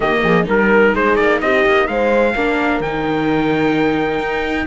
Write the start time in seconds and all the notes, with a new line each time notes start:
0.00 D#3 A#3 G4 D#5
0.22 F3 G#4
0.43 G3 D#4 A#4
0.93 G#3 G#4 C5
1.15 A#3 D5
1.40 C4 G4 D#5
1.66 A#3
1.87 G#3 C5 F5
2.35 A#3 D4 A#4
2.79 D#3 D#4 G5
4.19 D#4